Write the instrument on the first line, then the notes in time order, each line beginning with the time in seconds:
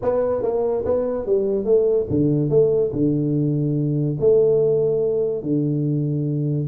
tuba
0.02 B3
0.42 A#3
0.85 B3
1.26 G3
1.64 A3
2.10 D3
2.49 A3
2.92 D3
4.20 A3
5.42 D3